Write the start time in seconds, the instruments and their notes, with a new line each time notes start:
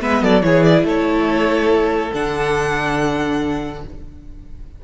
0.00 cello G#3, viola B3, violin B4 E5
0.22 cello F#3, violin A4 D5
0.41 cello E3, viola E4, violin G#4 C#5
0.63 violin D5
0.83 cello A3, violin A4 C#5
2.13 cello D3, viola D4, violin F#5